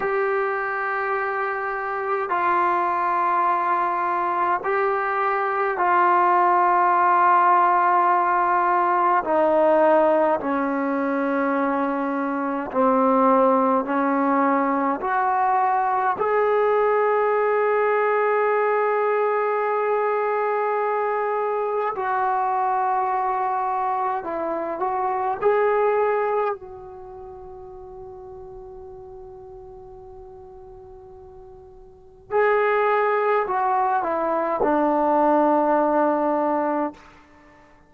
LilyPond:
\new Staff \with { instrumentName = "trombone" } { \time 4/4 \tempo 4 = 52 g'2 f'2 | g'4 f'2. | dis'4 cis'2 c'4 | cis'4 fis'4 gis'2~ |
gis'2. fis'4~ | fis'4 e'8 fis'8 gis'4 fis'4~ | fis'1 | gis'4 fis'8 e'8 d'2 | }